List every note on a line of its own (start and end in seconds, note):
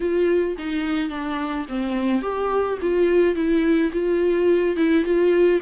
0.00 0.56 F4
0.58 1.09 D#4
1.09 1.65 D4
1.68 2.21 C4
2.21 2.78 G4
2.81 3.35 F4
3.35 3.91 E4
3.92 4.76 F4
4.76 5.04 E4
5.04 5.60 F4